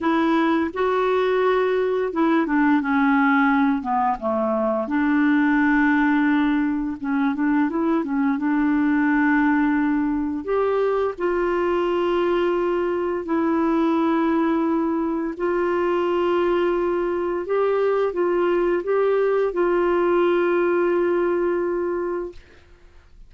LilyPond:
\new Staff \with { instrumentName = "clarinet" } { \time 4/4 \tempo 4 = 86 e'4 fis'2 e'8 d'8 | cis'4. b8 a4 d'4~ | d'2 cis'8 d'8 e'8 cis'8 | d'2. g'4 |
f'2. e'4~ | e'2 f'2~ | f'4 g'4 f'4 g'4 | f'1 | }